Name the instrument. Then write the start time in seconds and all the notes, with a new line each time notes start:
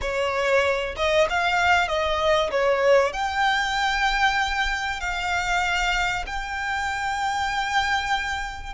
violin
0.01 C#5
0.96 D#5
1.29 F5
1.88 D#5
2.50 C#5
3.12 G5
5.00 F5
6.26 G5